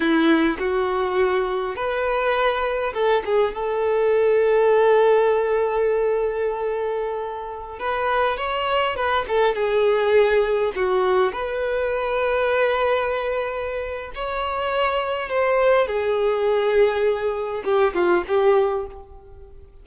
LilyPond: \new Staff \with { instrumentName = "violin" } { \time 4/4 \tempo 4 = 102 e'4 fis'2 b'4~ | b'4 a'8 gis'8 a'2~ | a'1~ | a'4~ a'16 b'4 cis''4 b'8 a'16~ |
a'16 gis'2 fis'4 b'8.~ | b'1 | cis''2 c''4 gis'4~ | gis'2 g'8 f'8 g'4 | }